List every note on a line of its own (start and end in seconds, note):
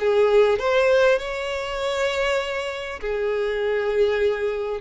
0.00 0.59 G#4
0.59 1.18 C5
1.18 3.00 C#5
3.01 4.80 G#4